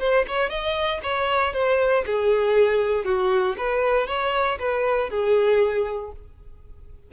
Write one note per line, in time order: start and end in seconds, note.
0.00 0.25 C5
0.28 0.50 C#5
0.50 1.01 D#5
1.03 1.54 C#5
1.54 2.05 C5
2.06 3.05 G#4
3.05 3.56 F#4
3.58 4.08 B4
4.08 4.59 C#5
4.59 5.10 B4
5.10 6.12 G#4